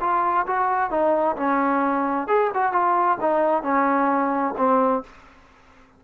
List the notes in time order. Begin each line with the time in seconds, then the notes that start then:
0.00 F4
0.47 F#4
0.90 D#4
1.36 C#4
2.27 G#4
2.54 F#4
2.72 F4
3.21 D#4
3.62 C#4
4.57 C4